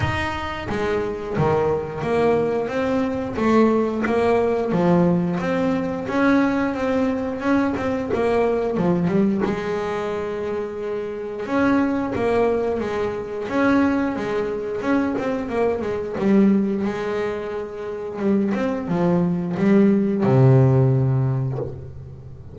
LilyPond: \new Staff \with { instrumentName = "double bass" } { \time 4/4 \tempo 4 = 89 dis'4 gis4 dis4 ais4 | c'4 a4 ais4 f4 | c'4 cis'4 c'4 cis'8 c'8 | ais4 f8 g8 gis2~ |
gis4 cis'4 ais4 gis4 | cis'4 gis4 cis'8 c'8 ais8 gis8 | g4 gis2 g8 c'8 | f4 g4 c2 | }